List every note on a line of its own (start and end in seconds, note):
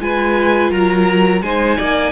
0.00 0.71 G#3
0.00 1.43 F4
0.00 0.71 B4
0.00 0.72 G#5
0.71 1.42 F#3
0.71 1.42 A#4
0.71 1.42 A#5
1.42 1.78 G#3
1.42 2.12 D#4
1.42 1.78 C5
1.42 2.12 G#5
1.78 2.12 A#3
1.78 2.12 D5